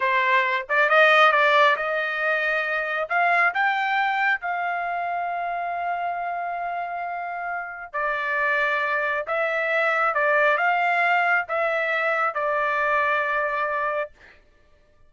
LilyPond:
\new Staff \with { instrumentName = "trumpet" } { \time 4/4 \tempo 4 = 136 c''4. d''8 dis''4 d''4 | dis''2. f''4 | g''2 f''2~ | f''1~ |
f''2 d''2~ | d''4 e''2 d''4 | f''2 e''2 | d''1 | }